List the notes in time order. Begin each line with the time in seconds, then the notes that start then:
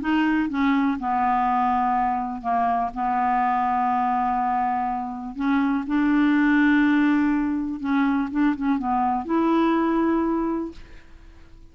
0.00 D#4
0.49 C#4
0.99 B3
2.41 A#3
2.94 B3
5.35 C#4
5.87 D4
7.80 C#4
8.31 D4
8.56 C#4
8.78 B3
9.25 E4